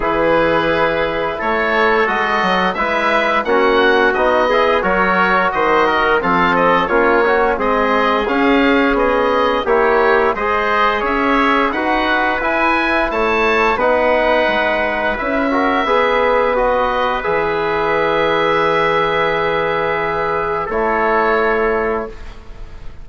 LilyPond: <<
  \new Staff \with { instrumentName = "oboe" } { \time 4/4 \tempo 4 = 87 b'2 cis''4 dis''4 | e''4 fis''4 dis''4 cis''4 | dis''4 f''8 dis''8 cis''4 dis''4 | f''4 dis''4 cis''4 dis''4 |
e''4 fis''4 gis''4 a''4 | fis''2 e''2 | dis''4 e''2.~ | e''2 cis''2 | }
  \new Staff \with { instrumentName = "trumpet" } { \time 4/4 gis'2 a'2 | b'4 fis'4. gis'8 ais'4 | c''8 ais'8 a'4 f'8 cis'8 gis'4~ | gis'2 g'4 c''4 |
cis''4 b'2 cis''4 | b'2~ b'8 ais'8 b'4~ | b'1~ | b'2 a'2 | }
  \new Staff \with { instrumentName = "trombone" } { \time 4/4 e'2. fis'4 | e'4 cis'4 dis'8 e'8 fis'4~ | fis'4 c'4 cis'8 fis'8 c'4 | cis'2 e'4 gis'4~ |
gis'4 fis'4 e'2 | dis'2 e'8 fis'8 gis'4 | fis'4 gis'2.~ | gis'2 e'2 | }
  \new Staff \with { instrumentName = "bassoon" } { \time 4/4 e2 a4 gis8 fis8 | gis4 ais4 b4 fis4 | dis4 f4 ais4 gis4 | cis'4 b4 ais4 gis4 |
cis'4 dis'4 e'4 a4 | b4 gis4 cis'4 b4~ | b4 e2.~ | e2 a2 | }
>>